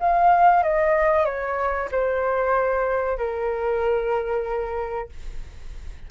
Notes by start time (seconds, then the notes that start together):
0.00 F5
0.64 D#5
1.26 C#5
1.92 C5
3.18 A#4